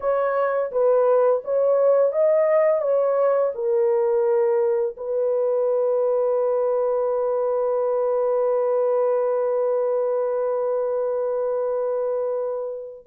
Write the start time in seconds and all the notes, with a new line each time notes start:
0.00 C#5
0.71 B4
1.44 C#5
2.12 D#5
2.81 C#5
3.55 A#4
4.96 B4